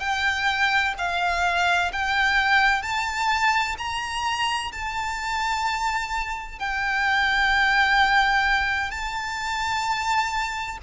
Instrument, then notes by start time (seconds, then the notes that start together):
violin
0.00 G5
0.98 F5
1.92 G5
2.83 A5
3.78 A#5
4.72 A5
6.59 G5
8.91 A5